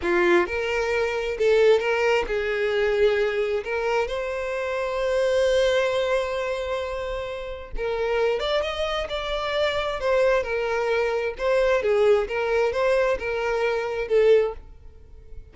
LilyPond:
\new Staff \with { instrumentName = "violin" } { \time 4/4 \tempo 4 = 132 f'4 ais'2 a'4 | ais'4 gis'2. | ais'4 c''2.~ | c''1~ |
c''4 ais'4. d''8 dis''4 | d''2 c''4 ais'4~ | ais'4 c''4 gis'4 ais'4 | c''4 ais'2 a'4 | }